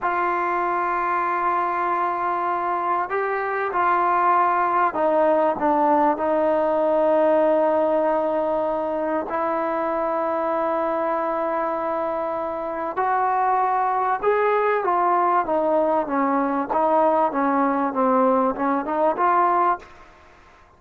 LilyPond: \new Staff \with { instrumentName = "trombone" } { \time 4/4 \tempo 4 = 97 f'1~ | f'4 g'4 f'2 | dis'4 d'4 dis'2~ | dis'2. e'4~ |
e'1~ | e'4 fis'2 gis'4 | f'4 dis'4 cis'4 dis'4 | cis'4 c'4 cis'8 dis'8 f'4 | }